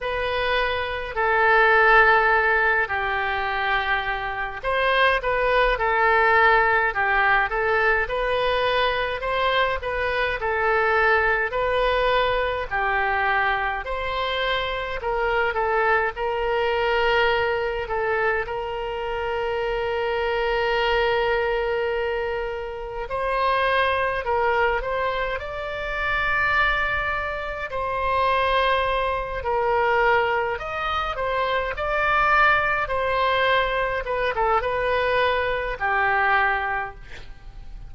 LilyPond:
\new Staff \with { instrumentName = "oboe" } { \time 4/4 \tempo 4 = 52 b'4 a'4. g'4. | c''8 b'8 a'4 g'8 a'8 b'4 | c''8 b'8 a'4 b'4 g'4 | c''4 ais'8 a'8 ais'4. a'8 |
ais'1 | c''4 ais'8 c''8 d''2 | c''4. ais'4 dis''8 c''8 d''8~ | d''8 c''4 b'16 a'16 b'4 g'4 | }